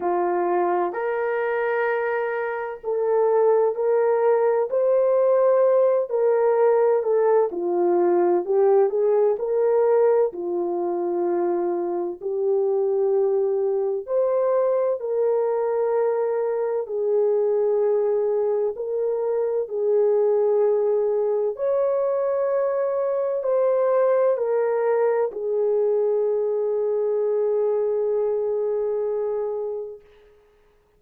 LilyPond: \new Staff \with { instrumentName = "horn" } { \time 4/4 \tempo 4 = 64 f'4 ais'2 a'4 | ais'4 c''4. ais'4 a'8 | f'4 g'8 gis'8 ais'4 f'4~ | f'4 g'2 c''4 |
ais'2 gis'2 | ais'4 gis'2 cis''4~ | cis''4 c''4 ais'4 gis'4~ | gis'1 | }